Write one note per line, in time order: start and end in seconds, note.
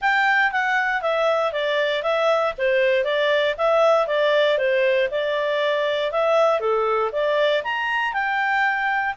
0.01 0.51 G5
0.51 1.01 F#5
1.01 1.52 E5
1.52 2.02 D5
2.02 2.53 E5
2.57 3.04 C5
3.04 3.55 D5
3.57 4.07 E5
4.07 4.58 D5
4.58 5.08 C5
5.10 6.11 D5
6.11 6.60 E5
6.60 7.10 A4
7.11 7.62 D5
7.63 8.13 A#5
8.13 9.14 G5